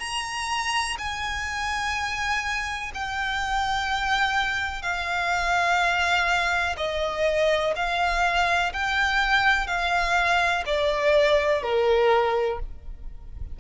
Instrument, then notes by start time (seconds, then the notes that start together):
violin
0.00 A#5
0.99 G#5
2.94 G5
4.83 F5
6.77 D#5
7.76 F5
8.73 G5
9.67 F5
10.66 D5
11.63 A#4